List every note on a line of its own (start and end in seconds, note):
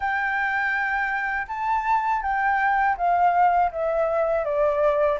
0.00 1.46 G5
1.47 2.22 A5
2.22 2.96 G5
2.97 3.71 F5
3.71 4.44 E5
4.44 5.19 D5